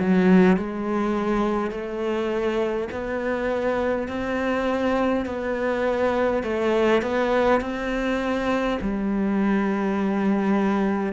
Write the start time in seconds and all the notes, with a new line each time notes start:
0.00 F#3
0.57 G#3
1.71 A3
2.91 B3
4.08 C4
5.26 B3
6.43 A3
7.02 B3
7.61 C4
8.81 G3